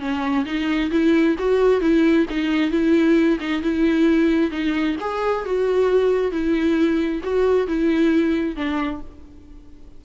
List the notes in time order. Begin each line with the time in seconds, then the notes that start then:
0.00 C#4
0.46 D#4
0.91 E4
1.39 F#4
1.81 E4
2.30 D#4
2.71 E4
3.41 D#4
3.62 E4
4.51 D#4
5.01 G#4
5.46 F#4
6.32 E4
7.24 F#4
7.68 E4
8.56 D4